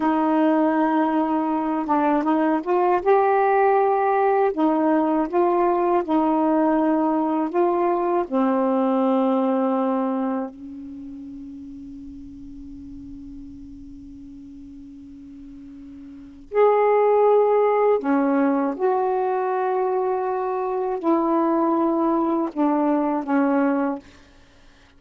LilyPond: \new Staff \with { instrumentName = "saxophone" } { \time 4/4 \tempo 4 = 80 dis'2~ dis'8 d'8 dis'8 f'8 | g'2 dis'4 f'4 | dis'2 f'4 c'4~ | c'2 cis'2~ |
cis'1~ | cis'2 gis'2 | cis'4 fis'2. | e'2 d'4 cis'4 | }